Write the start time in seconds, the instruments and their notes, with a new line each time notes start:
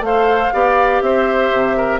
0.00 bassoon A3, clarinet A4, oboe C5, flute F5
0.53 bassoon B3, clarinet G4, oboe D5
1.01 bassoon C4, oboe C5, flute E5
1.52 bassoon C3
1.77 oboe A#4